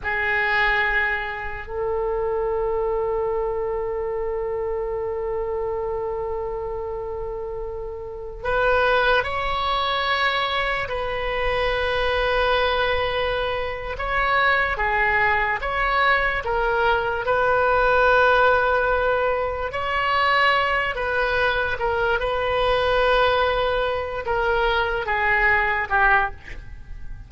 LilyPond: \new Staff \with { instrumentName = "oboe" } { \time 4/4 \tempo 4 = 73 gis'2 a'2~ | a'1~ | a'2~ a'16 b'4 cis''8.~ | cis''4~ cis''16 b'2~ b'8.~ |
b'4 cis''4 gis'4 cis''4 | ais'4 b'2. | cis''4. b'4 ais'8 b'4~ | b'4. ais'4 gis'4 g'8 | }